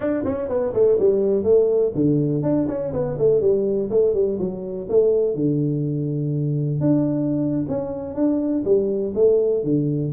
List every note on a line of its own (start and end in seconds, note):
0.00 0.24 D4
0.24 0.48 C#4
0.48 0.73 B3
0.73 0.98 A3
0.99 1.43 G3
1.43 1.92 A3
1.94 2.43 D3
2.43 2.67 D4
2.68 2.92 C#4
2.92 3.17 B3
3.18 3.40 A3
3.40 3.89 G3
3.90 4.14 A3
4.14 4.38 G3
4.39 4.88 F#3
4.89 5.34 A3
5.34 6.80 D3
6.80 7.65 D4
7.68 8.14 C#4
8.14 8.63 D4
8.64 9.13 G3
9.14 9.63 A3
9.63 10.12 D3